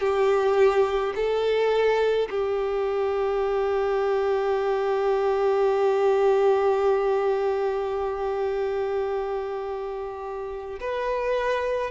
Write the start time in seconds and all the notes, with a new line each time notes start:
0.00 G4
1.15 A4
2.30 G4
10.80 B4